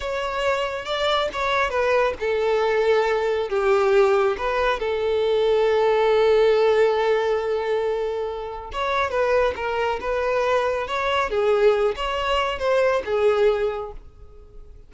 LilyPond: \new Staff \with { instrumentName = "violin" } { \time 4/4 \tempo 4 = 138 cis''2 d''4 cis''4 | b'4 a'2. | g'2 b'4 a'4~ | a'1~ |
a'1 | cis''4 b'4 ais'4 b'4~ | b'4 cis''4 gis'4. cis''8~ | cis''4 c''4 gis'2 | }